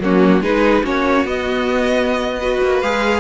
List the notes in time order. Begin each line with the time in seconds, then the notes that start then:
0.00 F#3 A#3 C#4 F#4
0.41 G#3 D#4 G#4 B4
0.83 A#3 C#4 F#4 C#5
1.25 B3 D#5
2.40 F#4 B4
2.62 A#3
2.81 G#3 G#4 F5